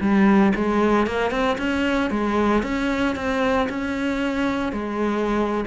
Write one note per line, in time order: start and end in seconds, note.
0.00 0.53 G3
0.55 1.06 G#3
1.06 1.30 A#3
1.30 1.57 C4
1.58 2.10 C#4
2.10 2.62 G#3
2.62 3.15 C#4
3.15 3.68 C4
3.69 4.72 C#4
4.72 5.64 G#3